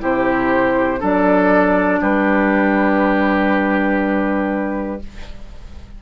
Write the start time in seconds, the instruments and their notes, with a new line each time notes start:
0.00 bassoon C3, clarinet E4, oboe G4, flute C5
0.99 bassoon F#3, clarinet D4, oboe A4, flute D5
2.01 bassoon G3, oboe G4, flute B4